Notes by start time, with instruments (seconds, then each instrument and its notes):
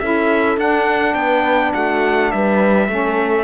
0.00 cello C#4, saxophone E4, horn A4, trumpet E5
0.57 cello D4, saxophone D4, trumpet F#5
1.15 cello B3, horn B4, trumpet G5
1.74 cello A3, horn F#4, trumpet F#5
2.32 cello G3, horn B4, trumpet E5
2.88 cello A3, saxophone C#4, horn A4